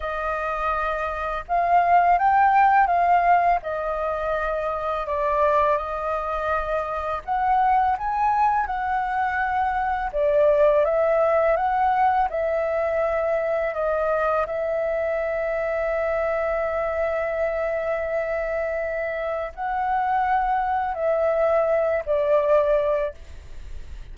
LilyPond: \new Staff \with { instrumentName = "flute" } { \time 4/4 \tempo 4 = 83 dis''2 f''4 g''4 | f''4 dis''2 d''4 | dis''2 fis''4 gis''4 | fis''2 d''4 e''4 |
fis''4 e''2 dis''4 | e''1~ | e''2. fis''4~ | fis''4 e''4. d''4. | }